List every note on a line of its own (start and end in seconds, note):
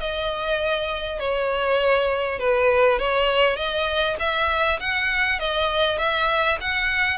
0.00 1.20 D#5
1.20 2.39 C#5
2.39 2.99 B4
2.99 3.57 C#5
3.57 4.17 D#5
4.20 4.80 E5
4.80 5.40 F#5
5.40 5.98 D#5
5.98 6.58 E5
6.61 7.19 F#5